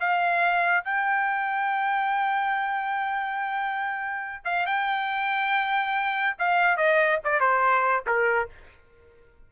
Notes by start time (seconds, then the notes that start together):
0.00 F5
0.85 G5
4.45 F5
4.67 G5
6.39 F5
6.77 D#5
7.25 D5
7.41 C5
8.07 A#4